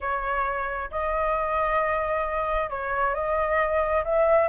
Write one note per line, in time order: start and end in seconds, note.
0.00 0.90 C#5
0.91 2.69 D#5
2.69 3.14 C#5
3.14 4.04 D#5
4.04 4.48 E5